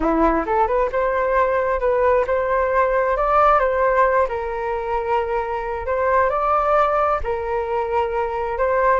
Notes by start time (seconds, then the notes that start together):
0.00 E4
0.46 A4
0.67 B4
0.91 C5
1.80 B4
2.26 C5
3.16 D5
3.59 C5
4.28 A#4
5.86 C5
6.29 D5
7.23 A#4
8.57 C5